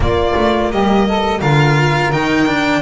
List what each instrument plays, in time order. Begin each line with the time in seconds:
0.00 double bass A#3, cello A#3, saxophone F4, violin D5
0.36 double bass A3
0.71 double bass G3, saxophone G4, violin D#5
1.07 saxophone A4
1.39 double bass D3, cello F4, saxophone A#4, violin F5
2.11 double bass D#3, cello D#4, violin G5
2.46 cello D4